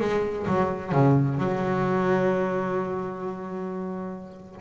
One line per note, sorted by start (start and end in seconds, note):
0.00 0.46 G#3
0.47 0.92 F#3
0.92 1.38 C#3
1.38 4.61 F#3